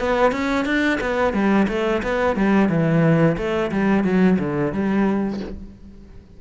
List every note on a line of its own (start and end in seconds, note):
0.00 0.32 B3
0.32 0.66 C#4
0.66 0.99 D4
1.01 1.34 B3
1.34 1.67 G3
1.69 2.02 A3
2.03 2.37 B3
2.37 2.69 G3
2.69 3.37 E3
3.38 3.71 A3
3.72 4.04 G3
4.04 4.38 F#3
4.39 4.73 D3
4.73 5.40 G3